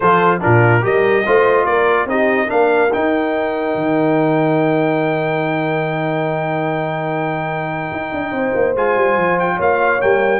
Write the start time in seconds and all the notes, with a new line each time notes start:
0.00 F3 F4 A4 C5
0.40 A#2 D4 F4 A#4
0.81 G3 G4 A#4 D#5
1.26 A3 F4 C5
1.64 A#3 A#4 D5
2.05 C4 D#4 G4 D#5
2.47 A#3 D4 A#4 F5
2.93 D#4 G5
3.75 D#3
7.92 D#4
8.13 D4
8.31 C4 C5
8.54 A#3
8.75 G#3 F4 G#5
8.96 G3
9.16 F3
9.39 G5
9.55 A#3 C#5 F5
10.00 G3 A#3 G5